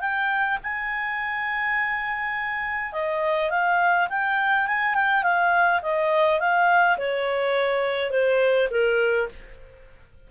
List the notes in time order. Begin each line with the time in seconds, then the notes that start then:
0.00 G5
0.63 G#5
2.92 D#5
3.50 F5
4.09 G5
4.67 G#5
4.94 G5
5.23 F5
5.82 D#5
6.39 F5
6.98 C#5
8.10 C5
8.70 A#4